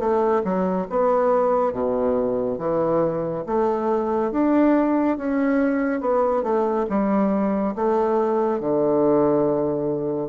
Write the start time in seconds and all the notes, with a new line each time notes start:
0.00 A3
0.44 F#3
0.90 B3
1.73 B2
2.59 E3
3.47 A3
4.32 D4
5.18 C#4
6.01 B3
6.44 A3
6.90 G3
7.76 A3
8.61 D3